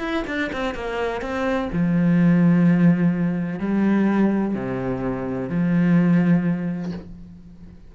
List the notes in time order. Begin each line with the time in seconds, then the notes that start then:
0.00 E4
0.27 D4
0.53 C4
0.75 A#3
1.22 C4
1.73 F3
3.60 G3
4.55 C3
5.50 F3